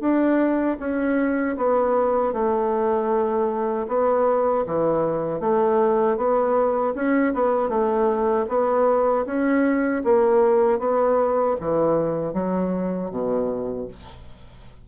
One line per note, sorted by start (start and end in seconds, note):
0.00 0.77 D4
0.79 1.56 C#4
1.57 2.33 B3
2.33 3.87 A3
3.87 4.64 B3
4.66 5.40 E3
5.40 6.17 A3
6.17 6.94 B3
6.95 7.33 C#4
7.34 7.69 B3
7.69 8.45 A3
8.48 9.25 B3
9.26 10.02 C#4
10.04 10.79 A#3
10.79 11.56 B3
11.60 12.33 E3
12.33 13.10 F#3
13.10 13.87 B2